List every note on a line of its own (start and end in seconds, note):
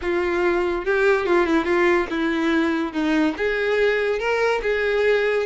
0.01 0.85 F4
0.85 1.25 G4
1.25 1.46 F4
1.46 1.65 E4
1.65 2.07 F4
2.10 2.92 E4
2.92 3.34 D#4
3.37 4.19 G#4
4.19 4.61 A#4
4.62 5.46 G#4